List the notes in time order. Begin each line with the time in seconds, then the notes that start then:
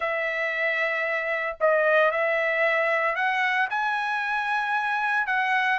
0.00 E5
1.60 D#5
2.11 E5
3.15 F#5
3.70 G#5
5.26 F#5